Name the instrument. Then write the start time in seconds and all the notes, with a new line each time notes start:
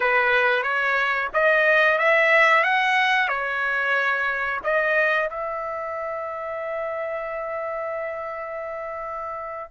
trumpet
0.00 B4
0.63 C#5
1.33 D#5
1.98 E5
2.63 F#5
3.28 C#5
4.63 D#5
5.29 E5